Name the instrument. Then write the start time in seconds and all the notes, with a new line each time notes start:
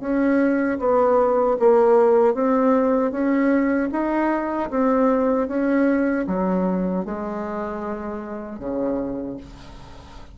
bassoon
0.00 C#4
0.79 B3
1.59 A#3
2.34 C4
3.11 C#4
3.92 D#4
4.70 C4
5.48 C#4
6.27 F#3
7.05 G#3
8.59 C#3